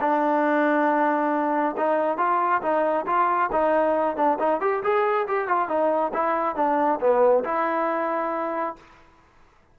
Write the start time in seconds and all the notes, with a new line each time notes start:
0.00 D4
1.77 D#4
2.18 F4
2.62 D#4
3.06 F4
3.52 D#4
4.16 D4
4.39 D#4
4.61 G4
4.83 G#4
5.27 G4
5.48 F4
5.68 D#4
6.13 E4
6.56 D4
7.00 B3
7.44 E4